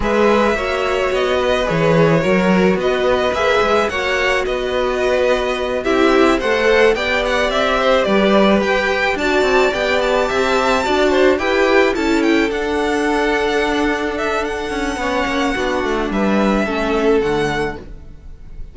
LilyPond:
<<
  \new Staff \with { instrumentName = "violin" } { \time 4/4 \tempo 4 = 108 e''2 dis''4 cis''4~ | cis''4 dis''4 e''4 fis''4 | dis''2~ dis''8 e''4 fis''8~ | fis''8 g''8 fis''8 e''4 d''4 g''8~ |
g''8 a''4 g''8 a''2~ | a''8 g''4 a''8 g''8 fis''4.~ | fis''4. e''8 fis''2~ | fis''4 e''2 fis''4 | }
  \new Staff \with { instrumentName = "violin" } { \time 4/4 b'4 cis''4. b'4. | ais'4 b'2 cis''4 | b'2~ b'8 g'4 c''8~ | c''8 d''4. c''8 b'4.~ |
b'8 d''2 e''4 d''8 | c''8 b'4 a'2~ a'8~ | a'2. cis''4 | fis'4 b'4 a'2 | }
  \new Staff \with { instrumentName = "viola" } { \time 4/4 gis'4 fis'2 gis'4 | fis'2 gis'4 fis'4~ | fis'2~ fis'8 e'4 a'8~ | a'8 g'2.~ g'8~ |
g'8 fis'4 g'2 fis'8~ | fis'8 g'4 e'4 d'4.~ | d'2. cis'4 | d'2 cis'4 a4 | }
  \new Staff \with { instrumentName = "cello" } { \time 4/4 gis4 ais4 b4 e4 | fis4 b4 ais8 gis8 ais4 | b2~ b8 c'4 a8~ | a8 b4 c'4 g4 g'8~ |
g'8 d'8 c'8 b4 c'4 d'8~ | d'8 e'4 cis'4 d'4.~ | d'2~ d'8 cis'8 b8 ais8 | b8 a8 g4 a4 d4 | }
>>